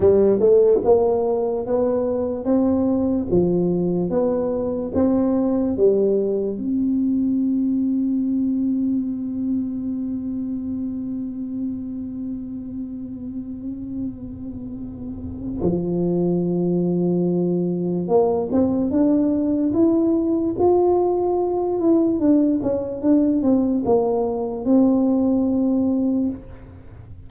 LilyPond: \new Staff \with { instrumentName = "tuba" } { \time 4/4 \tempo 4 = 73 g8 a8 ais4 b4 c'4 | f4 b4 c'4 g4 | c'1~ | c'1~ |
c'2. f4~ | f2 ais8 c'8 d'4 | e'4 f'4. e'8 d'8 cis'8 | d'8 c'8 ais4 c'2 | }